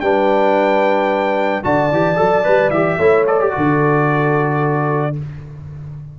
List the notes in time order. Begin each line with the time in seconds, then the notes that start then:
0.00 G3 D4 B4 G5
1.63 D3 F#4 D5 A5
1.91 E3 G4
2.16 F#3 A4
2.44 G3 B4
2.70 E3 G4 E5
2.98 A3 E4 C#5
3.27 A4 D5
3.40 G4
3.51 F#4 A4
3.57 D3